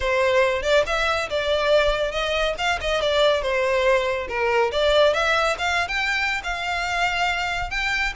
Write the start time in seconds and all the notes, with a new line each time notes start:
0.00 C5
0.62 D5
0.86 E5
1.29 D5
2.11 D#5
2.58 F5
2.81 D#5
3.01 D5
3.41 C5
4.28 A#4
4.71 D5
5.13 E5
5.58 F5
5.88 G5
6.43 F5
7.70 G5